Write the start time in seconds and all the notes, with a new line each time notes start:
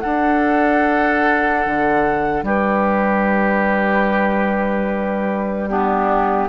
0.00 D4 A4 F#5
1.66 D3
2.42 G3 G4 B4
5.68 B3 D4 G4